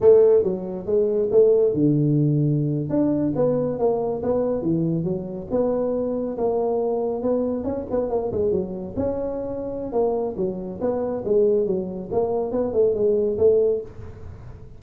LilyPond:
\new Staff \with { instrumentName = "tuba" } { \time 4/4 \tempo 4 = 139 a4 fis4 gis4 a4 | d2~ d8. d'4 b16~ | b8. ais4 b4 e4 fis16~ | fis8. b2 ais4~ ais16~ |
ais8. b4 cis'8 b8 ais8 gis8 fis16~ | fis8. cis'2~ cis'16 ais4 | fis4 b4 gis4 fis4 | ais4 b8 a8 gis4 a4 | }